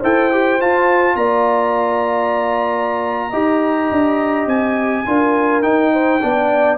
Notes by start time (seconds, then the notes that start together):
0.00 E4 A4 C5 G5
0.32 G4
0.59 F4 A5
1.15 A#3 D5 A#5
3.30 D#4 G4 D#5
3.91 D4
4.46 C4 G#5
5.06 D4 F4 A#4
5.62 D#4 G5
5.92 C5
6.21 B3 D4 D5